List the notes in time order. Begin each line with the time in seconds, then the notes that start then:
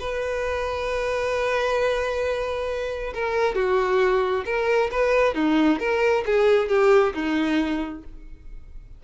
0.00 B4
3.14 A#4
3.55 F#4
4.45 A#4
4.92 B4
5.34 D#4
5.79 A#4
6.26 G#4
6.69 G4
7.14 D#4